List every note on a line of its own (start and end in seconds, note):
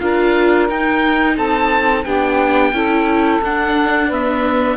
0.00 0.69 D4
0.00 0.69 F4
0.00 1.36 A#4
0.00 0.68 F5
0.69 2.06 D#4
0.69 1.37 D#4
0.69 1.38 G5
1.36 2.06 C4
1.36 2.04 A4
1.36 2.05 A5
2.04 2.73 B3
2.04 2.74 D4
2.04 2.73 G4
2.04 3.41 G5
2.73 3.41 C#4
2.73 3.42 E4
2.73 4.08 A4
3.42 4.78 D4
3.42 4.12 D4
3.42 4.13 F#5
4.08 4.78 B3
4.08 4.76 B4
4.08 4.78 E5